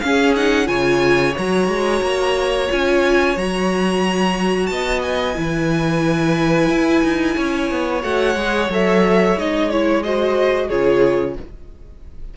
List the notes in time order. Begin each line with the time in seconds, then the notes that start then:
0.00 C#4 G#4 F5
0.36 D#4 F#5
0.65 C#3 F4 C#5 G#5
1.35 F#3 F#4 A#5
1.68 G#3
2.02 A#3
2.68 C#4 F4 G#5
3.37 F#3 F#4 A#5
4.67 B3 D#5 A5
5.02 G#5
5.34 E3 E4
5.41 B4
6.69 E4
7.03 D#4
7.36 C#4 C#5
7.71 B3
8.02 A3 F#4 F#5
8.35 G#3 G#4
8.69 F#3 A4 E5
9.37 G#3 D#4 D#5
9.71 E4 C#5
10.03 F#4 C5 D#5
10.67 C#3 F4 G#4 C#5